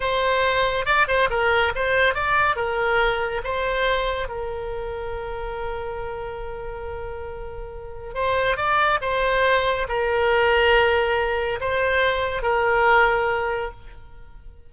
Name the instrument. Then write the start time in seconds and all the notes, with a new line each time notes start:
oboe
0.00 C5
0.85 D5
1.07 C5
1.30 A#4
1.75 C5
2.14 D5
2.56 A#4
3.44 C5
4.28 A#4
8.14 C5
8.56 D5
9.01 C5
9.88 A#4
11.60 C5
12.42 A#4